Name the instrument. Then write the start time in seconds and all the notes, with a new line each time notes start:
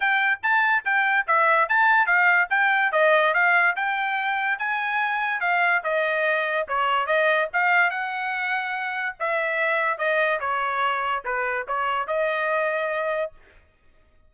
trumpet
0.00 G5
0.42 A5
0.84 G5
1.27 E5
1.68 A5
2.06 F5
2.50 G5
2.92 D#5
3.33 F5
3.75 G5
4.58 G#5
5.40 F5
5.83 D#5
6.67 C#5
7.06 D#5
7.53 F5
7.90 F#5
9.19 E5
9.98 D#5
10.40 C#5
11.24 B4
11.67 C#5
12.07 D#5